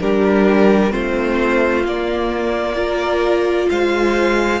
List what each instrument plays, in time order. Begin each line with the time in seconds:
0.00 cello G3, viola D4, violin G4 A#4
0.89 cello A3, viola C4, violin F4 C5
1.84 cello A#3, viola A#3, violin D5
2.74 viola F4, violin A#4
3.69 cello G#3, violin C5 F5